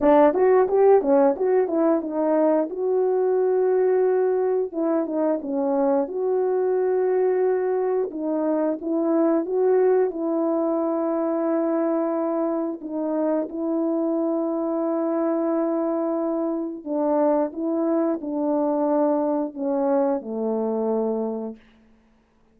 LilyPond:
\new Staff \with { instrumentName = "horn" } { \time 4/4 \tempo 4 = 89 d'8 fis'8 g'8 cis'8 fis'8 e'8 dis'4 | fis'2. e'8 dis'8 | cis'4 fis'2. | dis'4 e'4 fis'4 e'4~ |
e'2. dis'4 | e'1~ | e'4 d'4 e'4 d'4~ | d'4 cis'4 a2 | }